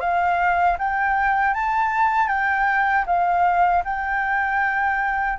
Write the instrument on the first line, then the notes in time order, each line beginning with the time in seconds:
flute
0.00 F5
0.79 G5
1.54 A5
2.28 G5
3.06 F5
3.85 G5